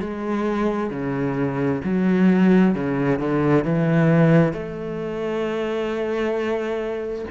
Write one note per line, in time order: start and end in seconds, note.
0.00 0.90 G#3
0.90 1.81 C#3
1.84 2.75 F#3
2.75 3.19 C#3
3.19 3.64 D3
3.64 4.52 E3
4.52 7.25 A3